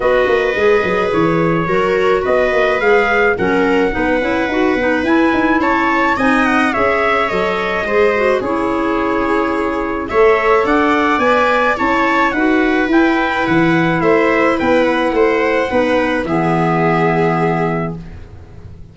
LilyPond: <<
  \new Staff \with { instrumentName = "trumpet" } { \time 4/4 \tempo 4 = 107 dis''2 cis''2 | dis''4 f''4 fis''2~ | fis''4 gis''4 a''4 gis''8 fis''8 | e''4 dis''2 cis''4~ |
cis''2 e''4 fis''4 | gis''4 a''4 fis''4 g''4 | fis''4 e''4 g''8 fis''4.~ | fis''4 e''2. | }
  \new Staff \with { instrumentName = "viola" } { \time 4/4 b'2. ais'4 | b'2 ais'4 b'4~ | b'2 cis''4 dis''4 | cis''2 c''4 gis'4~ |
gis'2 cis''4 d''4~ | d''4 cis''4 b'2~ | b'4 c''4 b'4 c''4 | b'4 gis'2. | }
  \new Staff \with { instrumentName = "clarinet" } { \time 4/4 fis'4 gis'2 fis'4~ | fis'4 gis'4 cis'4 dis'8 e'8 | fis'8 dis'8 e'2 dis'4 | gis'4 a'4 gis'8 fis'8 e'4~ |
e'2 a'2 | b'4 e'4 fis'4 e'4~ | e'1 | dis'4 b2. | }
  \new Staff \with { instrumentName = "tuba" } { \time 4/4 b8 ais8 gis8 fis8 e4 fis4 | b8 ais8 gis4 fis4 b8 cis'8 | dis'8 b8 e'8 dis'8 cis'4 c'4 | cis'4 fis4 gis4 cis'4~ |
cis'2 a4 d'4 | b4 cis'4 dis'4 e'4 | e4 a4 b4 a4 | b4 e2. | }
>>